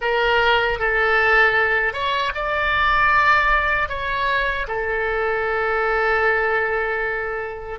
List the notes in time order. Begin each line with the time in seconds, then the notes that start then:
0.01 A#4
0.79 A4
1.93 C#5
2.34 D5
3.88 C#5
4.67 A4